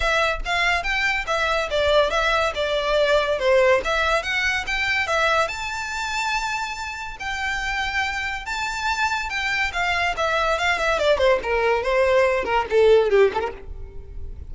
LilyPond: \new Staff \with { instrumentName = "violin" } { \time 4/4 \tempo 4 = 142 e''4 f''4 g''4 e''4 | d''4 e''4 d''2 | c''4 e''4 fis''4 g''4 | e''4 a''2.~ |
a''4 g''2. | a''2 g''4 f''4 | e''4 f''8 e''8 d''8 c''8 ais'4 | c''4. ais'8 a'4 g'8 a'16 ais'16 | }